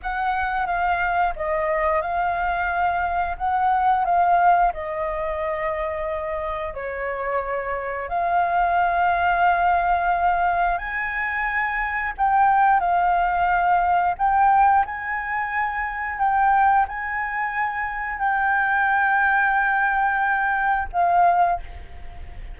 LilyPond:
\new Staff \with { instrumentName = "flute" } { \time 4/4 \tempo 4 = 89 fis''4 f''4 dis''4 f''4~ | f''4 fis''4 f''4 dis''4~ | dis''2 cis''2 | f''1 |
gis''2 g''4 f''4~ | f''4 g''4 gis''2 | g''4 gis''2 g''4~ | g''2. f''4 | }